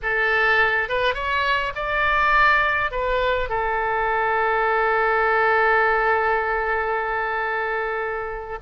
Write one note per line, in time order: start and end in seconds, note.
0.02 0.88 A4
0.88 1.14 B4
1.14 1.72 C#5
1.75 2.91 D5
2.91 3.49 B4
3.49 8.58 A4